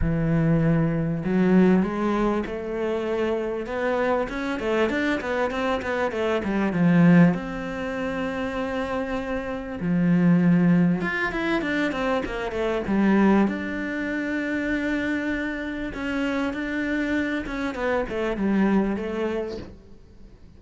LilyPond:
\new Staff \with { instrumentName = "cello" } { \time 4/4 \tempo 4 = 98 e2 fis4 gis4 | a2 b4 cis'8 a8 | d'8 b8 c'8 b8 a8 g8 f4 | c'1 |
f2 f'8 e'8 d'8 c'8 | ais8 a8 g4 d'2~ | d'2 cis'4 d'4~ | d'8 cis'8 b8 a8 g4 a4 | }